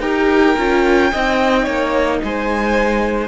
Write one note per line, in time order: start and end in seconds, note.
0.00 0.55 D#4
0.00 0.56 G4
0.00 1.11 A#4
0.00 2.19 G5
0.57 1.12 C#4
0.57 1.12 F4
1.12 1.66 C4
1.12 3.28 D#4
1.12 1.63 D#5
1.63 2.21 A#3
1.63 2.18 C#5
2.23 3.28 G#3
2.23 3.28 C5
2.23 3.28 G#5